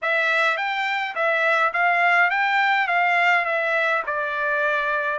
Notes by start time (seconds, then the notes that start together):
0.02 E5
0.57 G5
1.15 E5
1.73 F5
2.30 G5
2.87 F5
3.45 E5
4.06 D5